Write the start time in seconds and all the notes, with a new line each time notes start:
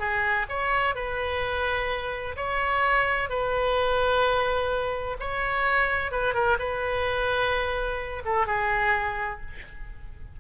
0.00 G#4
0.49 C#5
0.96 B4
2.37 C#5
3.30 B4
5.20 C#5
6.12 B4
6.35 A#4
6.59 B4
8.26 A4
8.47 G#4